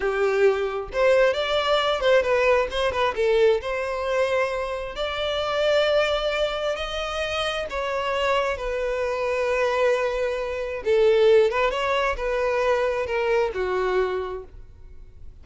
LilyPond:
\new Staff \with { instrumentName = "violin" } { \time 4/4 \tempo 4 = 133 g'2 c''4 d''4~ | d''8 c''8 b'4 c''8 b'8 a'4 | c''2. d''4~ | d''2. dis''4~ |
dis''4 cis''2 b'4~ | b'1 | a'4. b'8 cis''4 b'4~ | b'4 ais'4 fis'2 | }